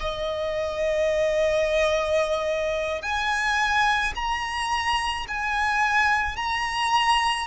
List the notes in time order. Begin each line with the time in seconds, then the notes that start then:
0.00 D#5
3.02 G#5
4.15 A#5
5.28 G#5
6.36 A#5